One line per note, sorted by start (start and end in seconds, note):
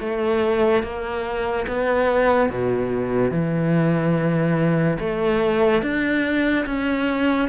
0.00 0.83 A3
0.83 1.67 A#3
1.68 2.50 B3
2.50 3.32 B2
3.32 4.98 E3
5.00 5.83 A3
5.83 6.66 D4
6.66 7.49 C#4